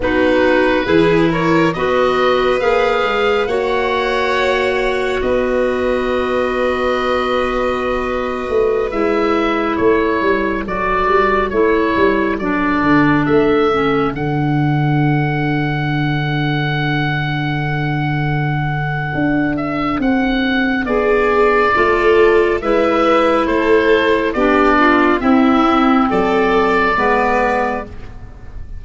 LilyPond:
<<
  \new Staff \with { instrumentName = "oboe" } { \time 4/4 \tempo 4 = 69 b'4. cis''8 dis''4 f''4 | fis''2 dis''2~ | dis''2~ dis''16 e''4 cis''8.~ | cis''16 d''4 cis''4 d''4 e''8.~ |
e''16 fis''2.~ fis''8.~ | fis''2~ fis''8 e''8 fis''4 | d''2 e''4 c''4 | d''4 e''4 d''2 | }
  \new Staff \with { instrumentName = "violin" } { \time 4/4 fis'4 gis'8 ais'8 b'2 | cis''2 b'2~ | b'2.~ b'16 a'8.~ | a'1~ |
a'1~ | a'1 | gis'4 a'4 b'4 a'4 | g'8 f'8 e'4 a'4 b'4 | }
  \new Staff \with { instrumentName = "clarinet" } { \time 4/4 dis'4 e'4 fis'4 gis'4 | fis'1~ | fis'2~ fis'16 e'4.~ e'16~ | e'16 fis'4 e'4 d'4. cis'16~ |
cis'16 d'2.~ d'8.~ | d'1~ | d'4 f'4 e'2 | d'4 c'2 b4 | }
  \new Staff \with { instrumentName = "tuba" } { \time 4/4 b4 e4 b4 ais8 gis8 | ais2 b2~ | b4.~ b16 a8 gis4 a8 g16~ | g16 fis8 g8 a8 g8 fis8 d8 a8.~ |
a16 d2.~ d8.~ | d2 d'4 c'4 | b4 a4 gis4 a4 | b4 c'4 fis4 gis4 | }
>>